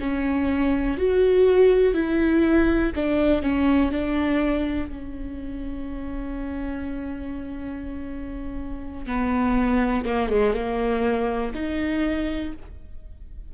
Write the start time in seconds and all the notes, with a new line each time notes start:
0.00 C#4
0.97 F#4
1.94 E4
2.95 D4
3.42 C#4
3.91 D4
4.89 C#4
9.07 B3
10.05 A#3
10.30 G#3
10.54 A#3
11.54 D#4